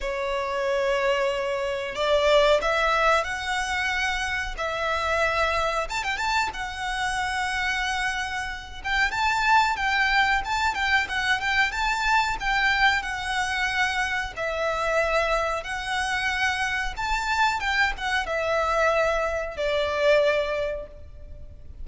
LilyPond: \new Staff \with { instrumentName = "violin" } { \time 4/4 \tempo 4 = 92 cis''2. d''4 | e''4 fis''2 e''4~ | e''4 a''16 g''16 a''8 fis''2~ | fis''4. g''8 a''4 g''4 |
a''8 g''8 fis''8 g''8 a''4 g''4 | fis''2 e''2 | fis''2 a''4 g''8 fis''8 | e''2 d''2 | }